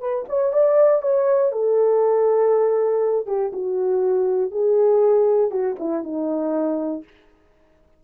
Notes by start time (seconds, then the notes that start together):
0.00 B4
0.29 C#5
0.53 D5
1.02 C#5
1.52 A4
3.27 G4
3.53 F#4
4.51 G#4
5.51 F#4
5.79 E4
6.04 D#4